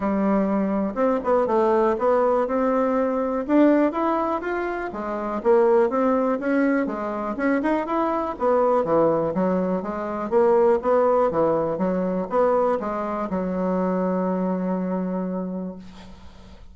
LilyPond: \new Staff \with { instrumentName = "bassoon" } { \time 4/4 \tempo 4 = 122 g2 c'8 b8 a4 | b4 c'2 d'4 | e'4 f'4 gis4 ais4 | c'4 cis'4 gis4 cis'8 dis'8 |
e'4 b4 e4 fis4 | gis4 ais4 b4 e4 | fis4 b4 gis4 fis4~ | fis1 | }